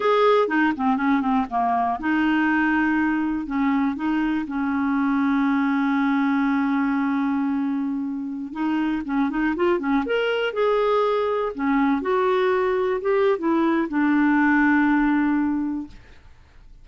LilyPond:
\new Staff \with { instrumentName = "clarinet" } { \time 4/4 \tempo 4 = 121 gis'4 dis'8 c'8 cis'8 c'8 ais4 | dis'2. cis'4 | dis'4 cis'2.~ | cis'1~ |
cis'4~ cis'16 dis'4 cis'8 dis'8 f'8 cis'16~ | cis'16 ais'4 gis'2 cis'8.~ | cis'16 fis'2 g'8. e'4 | d'1 | }